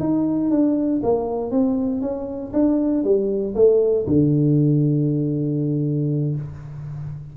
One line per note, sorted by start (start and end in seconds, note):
0.00 0.51 D#4
0.51 1.01 D4
1.03 1.51 A#3
1.51 2.01 C4
2.01 2.52 C#4
2.53 3.04 D4
3.04 3.55 G3
3.55 4.06 A3
4.07 6.35 D3